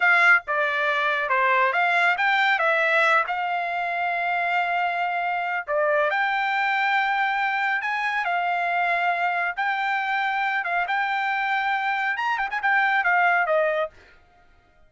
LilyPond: \new Staff \with { instrumentName = "trumpet" } { \time 4/4 \tempo 4 = 138 f''4 d''2 c''4 | f''4 g''4 e''4. f''8~ | f''1~ | f''4 d''4 g''2~ |
g''2 gis''4 f''4~ | f''2 g''2~ | g''8 f''8 g''2. | ais''8 g''16 gis''16 g''4 f''4 dis''4 | }